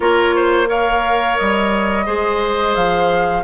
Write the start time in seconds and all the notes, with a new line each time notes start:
0.00 A#3 F4 A#4 C#5
0.35 C5
0.66 A#4 C#5 F5
1.37 G3 D#5
2.05 G#3 G#4 C5
2.75 F3 F5